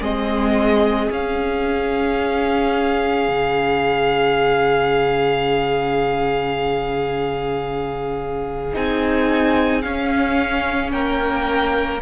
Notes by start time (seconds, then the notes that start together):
0.00 G#3 C4 G#4 D#5
1.09 C#4 F5
3.28 C#3
8.73 C4 D#4 G#5
9.82 C#4 F5
10.91 A#3 A#4 G5